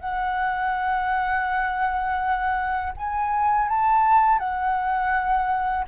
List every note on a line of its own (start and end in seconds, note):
0.00 2.93 F#5
2.97 3.69 G#5
3.69 4.38 A5
4.38 5.85 F#5